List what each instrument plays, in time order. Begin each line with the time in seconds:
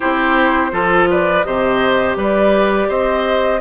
0.00 bassoon C4, clarinet E4, oboe G4, flute C5
0.71 bassoon F3, clarinet F4, oboe A4
1.10 oboe B4, flute D5
1.43 bassoon C3, clarinet G4, oboe C5, flute D#5
2.16 bassoon G3, oboe B4, flute D5
2.88 bassoon C4, oboe C5, flute D#5